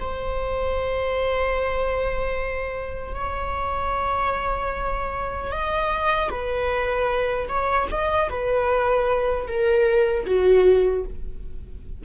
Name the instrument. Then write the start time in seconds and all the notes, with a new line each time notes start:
viola
0.00 C5
3.15 C#5
5.52 D#5
6.30 B4
7.49 C#5
7.92 D#5
8.30 B4
9.48 A#4
10.26 F#4